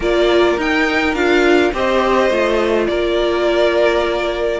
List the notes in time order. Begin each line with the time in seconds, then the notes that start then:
0.00 A#3 F4 A#4 D5
0.57 D#4 G5
1.14 D4 F4 F5
1.72 C4 G4 C5 D#5
2.30 A3 F4
2.87 A#3 A#4 D5